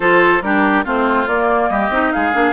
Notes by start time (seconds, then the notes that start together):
0.00 F3 F4 A4 C5
0.41 G3 D4 G4 A#4
0.84 A3 C4 F4 C5
1.26 A#3 D5
1.69 G3 G4 D#5
1.89 C4 D#4
2.12 G#3 G#4 F5
2.32 A#3 D4